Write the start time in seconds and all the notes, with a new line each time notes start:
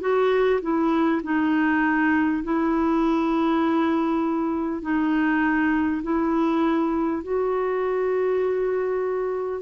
0.00 F#4
0.61 E4
1.23 D#4
2.43 E4
4.82 D#4
6.03 E4
7.22 F#4